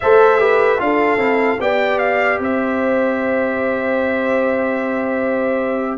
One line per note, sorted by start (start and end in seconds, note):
0.00 0.79 A3
0.00 0.38 A4
0.00 0.40 C5
0.00 0.80 E5
0.38 0.78 G4
0.38 0.80 B4
0.78 1.17 D4
0.78 1.18 F4
0.78 1.61 A4
0.78 1.60 F5
1.17 1.57 C4
1.17 1.58 E4
1.59 2.39 B3
1.59 5.98 G4
1.59 2.41 D5
1.59 1.98 G5
1.98 2.38 F5
2.39 5.98 C4
2.39 5.98 C5
2.39 5.98 E5